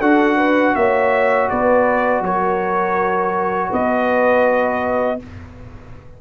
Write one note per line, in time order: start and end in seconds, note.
0.00 0.75 D4
0.00 5.20 F#4
0.00 0.37 A4
0.00 0.75 F#5
0.37 0.74 B4
0.75 1.50 A#3
0.75 1.50 C#5
0.75 1.49 E5
1.50 2.21 B3
1.50 2.24 B4
1.50 2.24 D5
2.21 3.69 F#3
2.21 3.70 A#4
2.21 3.73 C#5
3.70 5.21 B3
3.70 5.18 B4
3.70 5.21 D#5